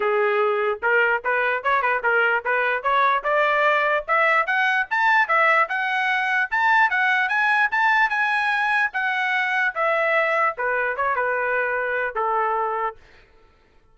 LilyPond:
\new Staff \with { instrumentName = "trumpet" } { \time 4/4 \tempo 4 = 148 gis'2 ais'4 b'4 | cis''8 b'8 ais'4 b'4 cis''4 | d''2 e''4 fis''4 | a''4 e''4 fis''2 |
a''4 fis''4 gis''4 a''4 | gis''2 fis''2 | e''2 b'4 cis''8 b'8~ | b'2 a'2 | }